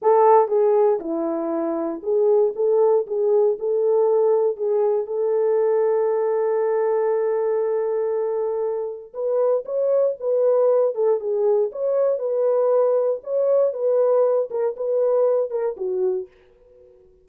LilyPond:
\new Staff \with { instrumentName = "horn" } { \time 4/4 \tempo 4 = 118 a'4 gis'4 e'2 | gis'4 a'4 gis'4 a'4~ | a'4 gis'4 a'2~ | a'1~ |
a'2 b'4 cis''4 | b'4. a'8 gis'4 cis''4 | b'2 cis''4 b'4~ | b'8 ais'8 b'4. ais'8 fis'4 | }